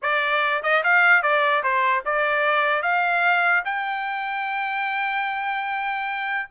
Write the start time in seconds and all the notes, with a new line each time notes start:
0.02 D5
0.62 D#5
0.83 F5
1.22 D5
1.63 C5
2.05 D5
2.82 F5
3.64 G5